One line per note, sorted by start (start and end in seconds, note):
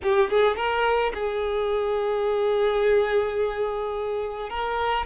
0.02 0.30 G4
0.30 0.56 G#4
0.56 1.12 A#4
1.14 4.49 G#4
4.49 5.05 A#4